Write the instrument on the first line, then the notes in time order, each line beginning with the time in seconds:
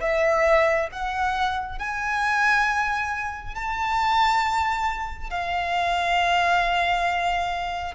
violin
0.00 E5
0.91 F#5
1.78 G#5
3.55 A5
5.30 F5